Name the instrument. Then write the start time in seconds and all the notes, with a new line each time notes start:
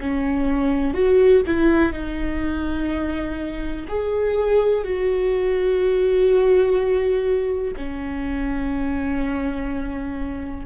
viola
0.00 C#4
0.94 F#4
1.46 E4
1.92 D#4
3.88 G#4
4.84 F#4
7.76 C#4